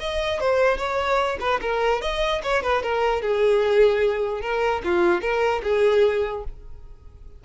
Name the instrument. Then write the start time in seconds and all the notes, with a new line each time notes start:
violin
0.00 D#5
0.40 C5
0.77 C#5
1.40 B4
1.61 A#4
2.02 D#5
2.43 C#5
2.63 B4
2.83 A#4
3.22 G#4
4.41 A#4
4.84 F4
5.22 A#4
5.63 G#4